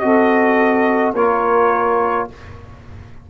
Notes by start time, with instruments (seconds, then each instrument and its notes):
0.00 tuba C4, trombone F#4, saxophone A4, trumpet D#5
1.14 tuba A#3, trombone F4, saxophone A#4, trumpet C#5